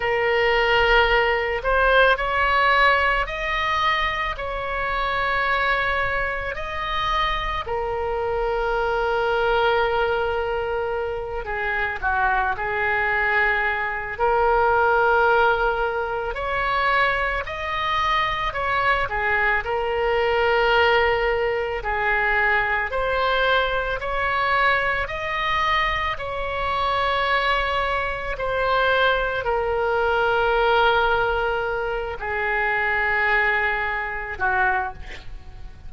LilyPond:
\new Staff \with { instrumentName = "oboe" } { \time 4/4 \tempo 4 = 55 ais'4. c''8 cis''4 dis''4 | cis''2 dis''4 ais'4~ | ais'2~ ais'8 gis'8 fis'8 gis'8~ | gis'4 ais'2 cis''4 |
dis''4 cis''8 gis'8 ais'2 | gis'4 c''4 cis''4 dis''4 | cis''2 c''4 ais'4~ | ais'4. gis'2 fis'8 | }